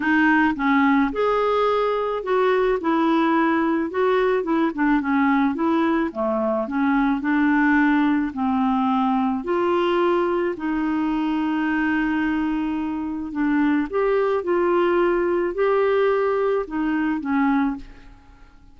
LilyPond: \new Staff \with { instrumentName = "clarinet" } { \time 4/4 \tempo 4 = 108 dis'4 cis'4 gis'2 | fis'4 e'2 fis'4 | e'8 d'8 cis'4 e'4 a4 | cis'4 d'2 c'4~ |
c'4 f'2 dis'4~ | dis'1 | d'4 g'4 f'2 | g'2 dis'4 cis'4 | }